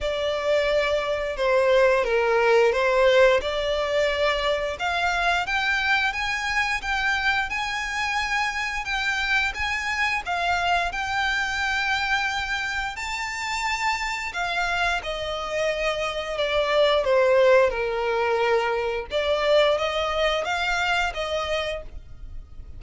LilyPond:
\new Staff \with { instrumentName = "violin" } { \time 4/4 \tempo 4 = 88 d''2 c''4 ais'4 | c''4 d''2 f''4 | g''4 gis''4 g''4 gis''4~ | gis''4 g''4 gis''4 f''4 |
g''2. a''4~ | a''4 f''4 dis''2 | d''4 c''4 ais'2 | d''4 dis''4 f''4 dis''4 | }